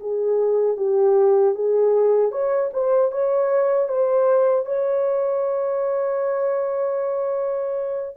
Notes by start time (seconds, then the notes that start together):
0.00 G#4
0.77 G4
1.55 G#4
2.32 C#5
2.73 C5
3.12 C#5
3.89 C5
4.66 C#5